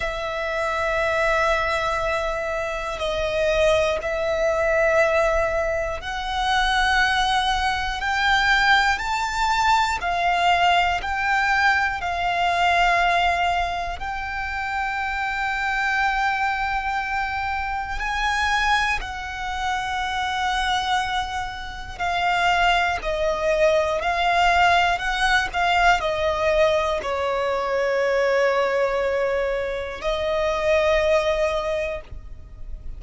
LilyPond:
\new Staff \with { instrumentName = "violin" } { \time 4/4 \tempo 4 = 60 e''2. dis''4 | e''2 fis''2 | g''4 a''4 f''4 g''4 | f''2 g''2~ |
g''2 gis''4 fis''4~ | fis''2 f''4 dis''4 | f''4 fis''8 f''8 dis''4 cis''4~ | cis''2 dis''2 | }